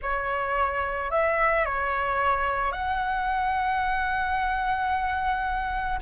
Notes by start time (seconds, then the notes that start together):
0.01 C#5
1.11 E5
1.65 C#5
2.71 F#5